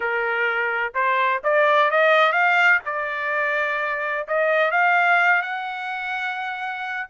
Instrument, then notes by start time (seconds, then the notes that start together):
trumpet
0.00 A#4
0.94 C5
1.43 D5
1.90 D#5
2.32 F5
2.85 D5
4.27 D#5
4.71 F5
5.41 F#5